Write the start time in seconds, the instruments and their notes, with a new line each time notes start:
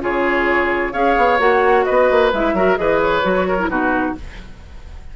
0.00 bassoon C#3, clarinet F4, oboe G#4, flute C#5
0.92 bassoon C#4, clarinet G#4, oboe C#5, flute F5
1.17 bassoon B3
1.38 bassoon A#3, clarinet F#4, flute F#5
1.84 bassoon B3, oboe B4, flute D#5
2.10 bassoon A#3
2.33 bassoon G#3, clarinet E4, flute E5
2.53 bassoon F#3, clarinet F#4, oboe A#4
2.76 bassoon E3, clarinet G#4, oboe B4, flute D#5
3.01 flute C#5
3.23 bassoon F#3, clarinet F#4
3.48 oboe A#4
3.59 clarinet E4
3.68 bassoon B2, clarinet D#4, oboe F#4, flute B4